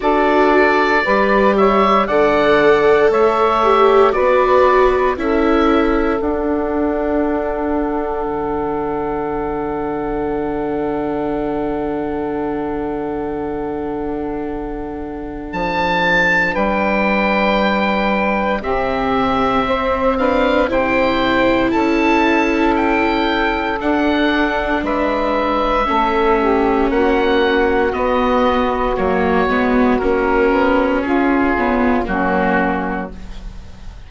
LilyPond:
<<
  \new Staff \with { instrumentName = "oboe" } { \time 4/4 \tempo 4 = 58 d''4. e''8 fis''4 e''4 | d''4 e''4 fis''2~ | fis''1~ | fis''2. a''4 |
g''2 e''4. f''8 | g''4 a''4 g''4 fis''4 | e''2 fis''4 dis''4 | cis''4 ais'4 gis'4 fis'4 | }
  \new Staff \with { instrumentName = "saxophone" } { \time 4/4 a'4 b'8 cis''8 d''4 cis''4 | b'4 a'2.~ | a'1~ | a'1 |
b'2 g'4 c''8 b'8 | c''4 a'2. | b'4 a'8 g'8 fis'2~ | fis'2 f'4 cis'4 | }
  \new Staff \with { instrumentName = "viola" } { \time 4/4 fis'4 g'4 a'4. g'8 | fis'4 e'4 d'2~ | d'1~ | d'1~ |
d'2 c'4. d'8 | e'2. d'4~ | d'4 cis'2 b4 | ais8 b8 cis'4. b8 ais4 | }
  \new Staff \with { instrumentName = "bassoon" } { \time 4/4 d'4 g4 d4 a4 | b4 cis'4 d'2 | d1~ | d2. f4 |
g2 c4 c'4 | c4 cis'2 d'4 | gis4 a4 ais4 b4 | fis8 gis8 ais8 b8 cis'8 cis8 fis4 | }
>>